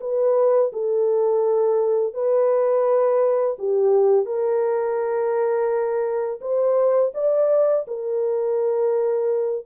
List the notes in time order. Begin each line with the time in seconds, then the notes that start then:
0.00 B4
0.72 A4
2.14 B4
3.58 G4
4.25 A#4
6.41 C5
7.14 D5
7.87 A#4